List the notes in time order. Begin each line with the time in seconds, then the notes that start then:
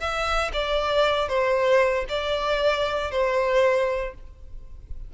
0.00 E5
0.53 D5
1.28 C5
2.09 D5
3.11 C5